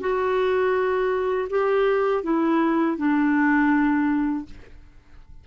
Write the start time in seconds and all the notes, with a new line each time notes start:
0.00 F#4
1.50 G4
2.24 E4
2.97 D4